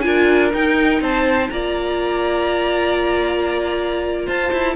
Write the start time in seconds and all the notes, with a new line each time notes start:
0.00 D4 F4 A#4 G#5
0.53 D#4 G5
1.00 C4 C5 A5
1.50 A#3 F4 D5 A#5
4.26 F4 C5 A5
4.52 E4